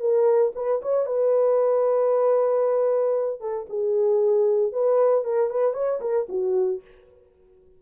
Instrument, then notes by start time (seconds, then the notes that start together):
horn
0.00 A#4
0.55 B4
0.82 C#5
1.06 B4
3.41 A4
3.69 G#4
4.72 B4
5.25 A#4
5.50 B4
5.74 C#5
6.01 A#4
6.29 F#4